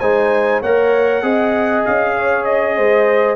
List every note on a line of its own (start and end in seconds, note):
0.00 0.62 G#3
0.00 0.63 D#4
0.00 0.61 C5
0.00 0.61 G#5
0.61 1.22 A#3
0.61 1.22 A#4
0.61 1.22 C#5
0.61 1.85 F#5
1.22 1.84 C4
1.22 3.36 G#4
1.22 2.15 D#5
1.85 2.78 C#4
1.85 2.44 F5
2.16 2.76 C#5
2.44 3.36 D#5
2.76 3.36 G#3
2.76 3.36 C5